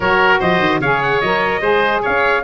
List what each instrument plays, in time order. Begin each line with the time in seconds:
0.00 tuba F#3, saxophone F#4, oboe A#4, trumpet C#5
0.39 tuba F3, oboe C5, trumpet D#5
0.59 tuba D#3
0.79 tuba C#3, saxophone G#4, oboe C#5, trumpet F5
1.01 trumpet F#5
1.20 tuba F#3, saxophone A#4, trumpet D#5
1.61 tuba G#3, saxophone G#4, oboe C5
2.01 tuba C#4, oboe C#5, trumpet F5